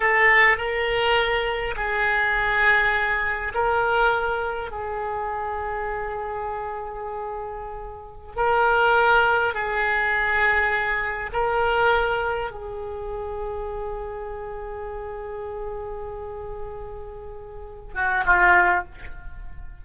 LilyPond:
\new Staff \with { instrumentName = "oboe" } { \time 4/4 \tempo 4 = 102 a'4 ais'2 gis'4~ | gis'2 ais'2 | gis'1~ | gis'2~ gis'16 ais'4.~ ais'16~ |
ais'16 gis'2. ais'8.~ | ais'4~ ais'16 gis'2~ gis'8.~ | gis'1~ | gis'2~ gis'8 fis'8 f'4 | }